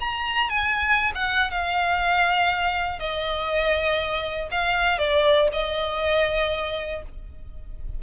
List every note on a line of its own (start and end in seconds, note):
0.00 0.49 A#5
0.49 1.12 G#5
1.15 1.51 F#5
1.51 2.99 F5
2.99 4.49 D#5
4.51 4.98 F5
4.98 5.48 D5
5.52 7.02 D#5